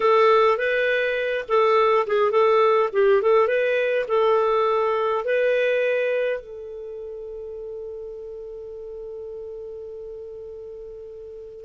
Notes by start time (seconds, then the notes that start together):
0.00 A4
0.57 B4
1.48 A4
2.07 G#4
2.31 A4
2.92 G4
3.21 A4
3.47 B4
4.08 A4
5.24 B4
6.40 A4